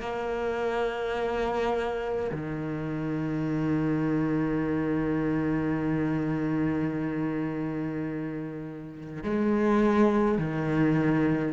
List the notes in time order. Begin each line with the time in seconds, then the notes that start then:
0.00 A#3
2.31 D#3
9.23 G#3
10.38 D#3